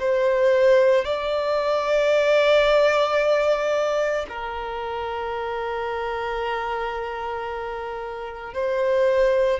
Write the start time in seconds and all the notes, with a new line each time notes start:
0.00 C5
1.05 D5
4.29 A#4
8.54 C5